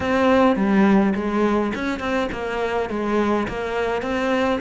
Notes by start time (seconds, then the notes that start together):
0.00 C4
0.56 G3
1.15 G#3
1.74 C#4
1.99 C4
2.32 A#3
2.89 G#3
3.48 A#3
4.01 C4